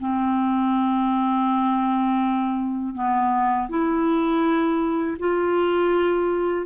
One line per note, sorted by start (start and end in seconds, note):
0.00 2.95 C4
2.95 3.69 B3
3.69 5.17 E4
5.19 6.66 F4